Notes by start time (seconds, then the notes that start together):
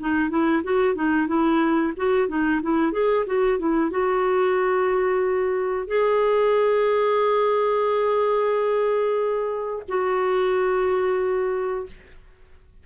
0.00 D#4
0.30 E4
0.64 F#4
0.95 D#4
1.27 E4
1.97 F#4
2.28 D#4
2.63 E4
2.93 G#4
3.26 F#4
3.59 E4
3.91 F#4
5.88 G#4
9.89 F#4